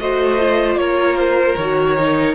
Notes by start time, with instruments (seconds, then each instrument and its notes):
0.00 cello A3, viola F#4, violin C5 D#5
0.40 viola F4
0.76 cello A#3, violin A#4 C#5
1.17 violin C5
1.56 cello D#3, viola F#4, violin C#5
1.98 viola D#4